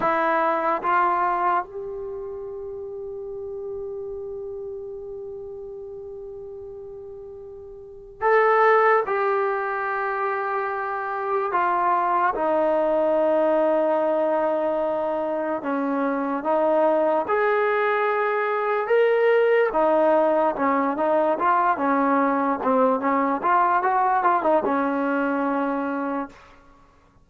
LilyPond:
\new Staff \with { instrumentName = "trombone" } { \time 4/4 \tempo 4 = 73 e'4 f'4 g'2~ | g'1~ | g'2 a'4 g'4~ | g'2 f'4 dis'4~ |
dis'2. cis'4 | dis'4 gis'2 ais'4 | dis'4 cis'8 dis'8 f'8 cis'4 c'8 | cis'8 f'8 fis'8 f'16 dis'16 cis'2 | }